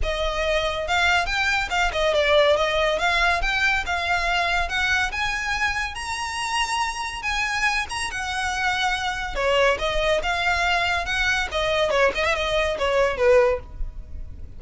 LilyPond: \new Staff \with { instrumentName = "violin" } { \time 4/4 \tempo 4 = 141 dis''2 f''4 g''4 | f''8 dis''8 d''4 dis''4 f''4 | g''4 f''2 fis''4 | gis''2 ais''2~ |
ais''4 gis''4. ais''8 fis''4~ | fis''2 cis''4 dis''4 | f''2 fis''4 dis''4 | cis''8 dis''16 e''16 dis''4 cis''4 b'4 | }